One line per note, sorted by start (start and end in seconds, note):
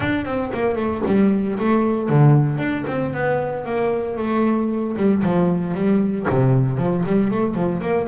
0.00 0.25 D4
0.25 0.51 C4
0.53 0.75 A#3
0.75 1.02 A3
1.06 1.58 G3
1.59 2.09 A3
2.09 2.58 D3
2.58 2.84 D4
2.87 3.13 C4
3.13 3.65 B3
3.65 4.17 A#3
4.17 4.95 A3
4.96 5.22 G3
5.23 5.74 F3
5.74 6.26 G3
6.29 6.77 C3
6.77 7.03 F3
7.06 7.30 G3
7.30 7.54 A3
7.54 7.80 F3
7.81 8.07 A#3